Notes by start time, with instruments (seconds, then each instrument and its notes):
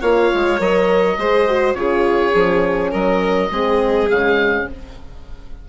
0.00 bassoon A#3, horn F4, violin C#5, oboe F5
0.33 bassoon G#3
0.59 bassoon F#3, horn A#4, oboe D#5
1.17 bassoon G#3, horn G#4, violin C5
1.47 horn F#4
1.74 bassoon C#3, horn F4, violin G#4, oboe C#5
2.34 bassoon F3, horn C#4
2.91 bassoon F#3, violin A#4, oboe D#5
3.50 bassoon G#3, horn C4, violin G#4
4.08 bassoon C#3, horn G#3, oboe F5